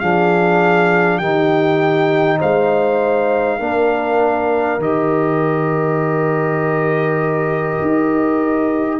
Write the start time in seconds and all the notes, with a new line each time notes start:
0.00 F3 D4 G#4 F5
1.18 D#3 D#4 G4 G5
2.39 G#3 C5 F5
3.59 A#3 D4 A#4
4.78 D#3 G4 D#5
7.82 D#4